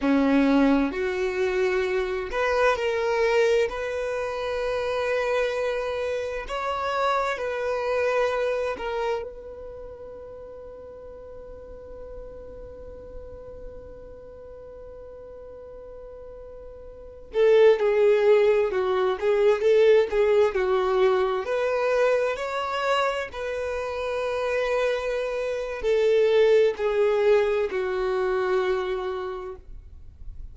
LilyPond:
\new Staff \with { instrumentName = "violin" } { \time 4/4 \tempo 4 = 65 cis'4 fis'4. b'8 ais'4 | b'2. cis''4 | b'4. ais'8 b'2~ | b'1~ |
b'2~ b'8. a'8 gis'8.~ | gis'16 fis'8 gis'8 a'8 gis'8 fis'4 b'8.~ | b'16 cis''4 b'2~ b'8. | a'4 gis'4 fis'2 | }